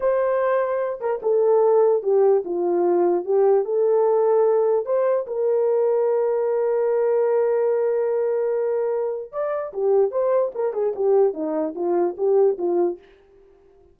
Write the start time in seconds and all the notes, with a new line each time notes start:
0.00 C5
1.00 A#4
1.22 A4
2.02 G4
2.44 F4
3.25 G4
3.64 A4
4.85 C5
5.26 A#4
9.31 D5
9.73 G4
10.11 C5
10.54 A#4
10.73 G#4
10.95 G4
11.33 D#4
11.75 F4
12.17 G4
12.58 F4